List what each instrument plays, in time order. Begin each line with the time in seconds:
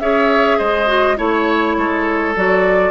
0.00 bassoon C#4, clarinet G#4, oboe C#5, flute E5
0.58 bassoon G#3, oboe C5, flute D#5
0.86 clarinet F#4
1.16 bassoon A3, clarinet E4, oboe C#5, flute C#5
1.77 bassoon G#3, oboe A4
2.35 bassoon F#3, clarinet F#4, flute D5